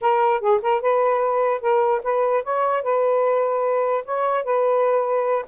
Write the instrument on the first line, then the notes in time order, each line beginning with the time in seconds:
saxophone
0.01 A#4
0.40 G#4
0.62 A#4
0.81 B4
1.61 A#4
2.03 B4
2.43 C#5
2.82 B4
4.04 C#5
4.43 B4